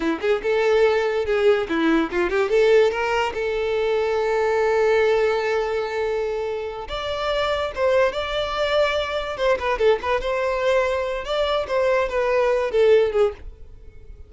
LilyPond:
\new Staff \with { instrumentName = "violin" } { \time 4/4 \tempo 4 = 144 e'8 gis'8 a'2 gis'4 | e'4 f'8 g'8 a'4 ais'4 | a'1~ | a'1~ |
a'8 d''2 c''4 d''8~ | d''2~ d''8 c''8 b'8 a'8 | b'8 c''2~ c''8 d''4 | c''4 b'4. a'4 gis'8 | }